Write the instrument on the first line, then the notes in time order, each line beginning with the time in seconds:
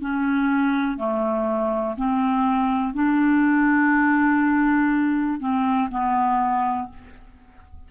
clarinet
0.00 C#4
0.97 A3
1.97 C4
2.93 D4
5.40 C4
5.90 B3